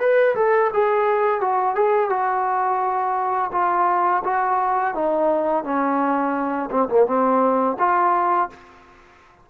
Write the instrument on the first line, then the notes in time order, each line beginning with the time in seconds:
trombone
0.00 B4
0.36 A4
0.74 G#4
1.41 F#4
1.76 G#4
2.10 F#4
3.53 F4
4.24 F#4
4.95 D#4
5.64 C#4
6.71 C4
6.89 A#3
7.07 C4
7.79 F4